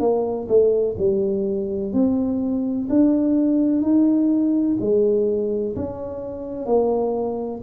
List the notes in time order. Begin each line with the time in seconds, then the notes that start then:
0.00 A#3
0.48 A3
0.98 G3
1.93 C4
2.90 D4
3.82 D#4
4.81 G#3
5.76 C#4
6.66 A#3